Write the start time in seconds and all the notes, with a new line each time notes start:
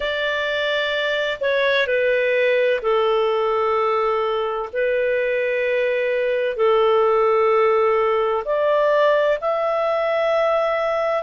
0.00 D5
1.40 C#5
1.86 B4
2.81 A4
4.72 B4
6.56 A4
8.44 D5
9.40 E5